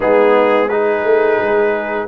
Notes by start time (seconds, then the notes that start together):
0.00 G#3 B3 D#4 G#4
0.68 D#4 G#4 B4
1.03 A3
1.40 G#3